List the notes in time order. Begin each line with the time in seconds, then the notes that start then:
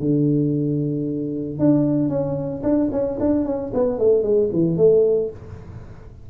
0.00 D3
1.59 D4
2.09 C#4
2.63 D4
2.92 C#4
3.20 D4
3.46 C#4
3.74 B3
3.99 A3
4.23 G#3
4.53 E3
4.77 A3